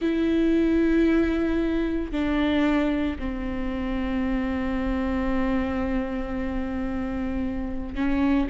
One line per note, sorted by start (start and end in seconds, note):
0.01 2.11 E4
2.11 3.17 D4
3.18 7.95 C4
7.95 8.48 C#4